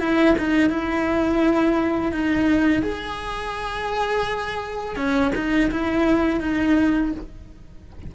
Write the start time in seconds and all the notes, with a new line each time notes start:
0.00 E4
0.39 D#4
0.70 E4
2.13 D#4
2.83 G#4
4.96 C#4
5.36 D#4
5.71 E4
6.41 D#4